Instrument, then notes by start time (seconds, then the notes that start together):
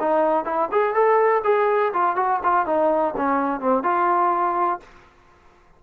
trombone
0.00 D#4
0.45 E4
0.71 G#4
0.94 A4
1.44 G#4
1.93 F4
2.16 F#4
2.43 F4
2.66 D#4
3.17 C#4
3.60 C4
3.83 F4